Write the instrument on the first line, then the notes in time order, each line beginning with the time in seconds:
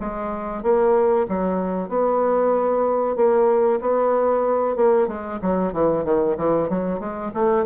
bassoon
0.00 G#3
0.62 A#3
1.28 F#3
1.88 B3
3.16 A#3
3.80 B3
4.76 A#3
5.07 G#3
5.41 F#3
5.72 E3
6.04 D#3
6.37 E3
6.69 F#3
7.00 G#3
7.34 A3